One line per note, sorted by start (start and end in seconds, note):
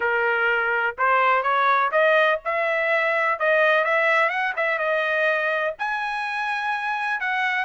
0.00 0.95 A#4
0.98 1.42 C5
1.42 1.90 C#5
1.91 2.39 D#5
2.44 3.39 E5
3.39 3.84 D#5
3.84 4.29 E5
4.29 4.53 F#5
4.56 4.78 E5
4.78 5.74 D#5
5.78 7.20 G#5
7.20 7.65 F#5